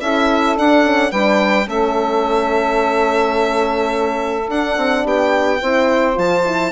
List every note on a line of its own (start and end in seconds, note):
0.00 0.57 C#4
0.00 0.56 E4
0.00 1.11 A4
0.00 0.56 E5
0.56 0.84 D4
0.56 1.12 D4
0.56 1.11 F#5
0.84 1.12 C#4
1.11 1.67 G3
1.11 1.64 D4
1.11 1.67 B4
1.11 1.67 G5
1.64 4.47 A3
1.64 4.45 C#4
1.64 5.03 A4
1.64 4.50 E5
4.48 4.76 D4
4.48 5.61 D4
4.48 5.07 F#5
4.77 5.04 C4
5.03 5.60 B3
5.03 5.59 G4
5.03 6.18 G5
5.61 6.17 C4
5.61 6.14 E4
5.61 6.71 C5
6.14 6.71 F3
6.14 6.42 F4
6.14 6.71 A5
6.45 6.71 E4